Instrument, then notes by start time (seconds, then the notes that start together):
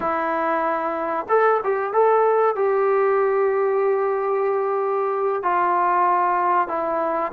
trombone
0.00 E4
1.28 A4
1.63 G4
1.93 A4
2.55 G4
5.42 F4
6.68 E4